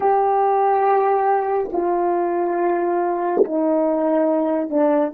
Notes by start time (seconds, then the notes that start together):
0.00 G4
1.72 F4
3.44 D#4
4.69 D4